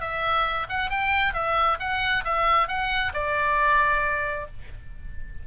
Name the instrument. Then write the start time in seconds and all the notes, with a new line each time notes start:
oboe
0.00 E5
0.69 F#5
0.90 G5
1.34 E5
1.79 F#5
2.24 E5
2.68 F#5
3.13 D5